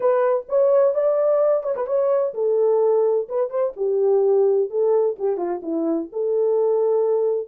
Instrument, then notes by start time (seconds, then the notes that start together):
horn
0.00 B4
0.48 C#5
0.94 D5
1.63 C#5
1.76 B4
1.86 C#5
2.34 A4
3.29 B4
3.49 C5
3.76 G4
4.70 A4
5.19 G4
5.37 F4
5.62 E4
6.12 A4